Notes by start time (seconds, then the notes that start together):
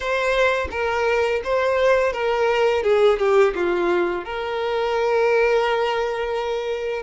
0.00 C5
0.71 A#4
1.43 C5
2.12 A#4
2.83 G#4
3.18 G4
3.55 F4
4.24 A#4